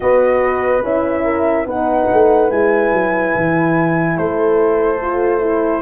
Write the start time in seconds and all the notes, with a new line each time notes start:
0.00 B3 F#4 B4 D#5
0.83 C#4 E4 E5
1.24 A#4
1.65 B3 D#4 B4 F#5
2.12 A3
2.49 G#3 E4 G#5
2.92 F#3
3.35 E3
4.16 A3 A4 C5
5.01 F4
5.40 E4